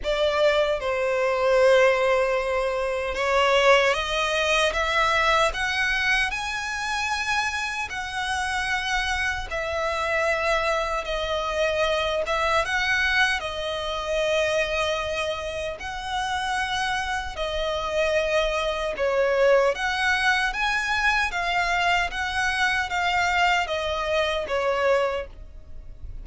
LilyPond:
\new Staff \with { instrumentName = "violin" } { \time 4/4 \tempo 4 = 76 d''4 c''2. | cis''4 dis''4 e''4 fis''4 | gis''2 fis''2 | e''2 dis''4. e''8 |
fis''4 dis''2. | fis''2 dis''2 | cis''4 fis''4 gis''4 f''4 | fis''4 f''4 dis''4 cis''4 | }